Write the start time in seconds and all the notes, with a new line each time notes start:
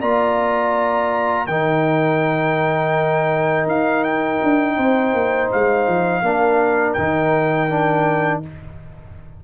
0.00 A#3 F4 D5 A#5
1.47 D#3 D#4 A#4 G5
3.66 D#4 F5
4.04 G5
4.43 D4
4.76 C4 C5
5.13 A#3
5.52 G#3 F5
5.87 F3
6.22 A#3 D4 A#4
6.93 D#3 D#4 G5
7.69 D4